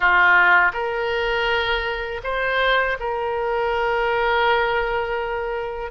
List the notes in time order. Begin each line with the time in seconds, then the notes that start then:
0.00 F4
0.73 A#4
2.23 C5
2.99 A#4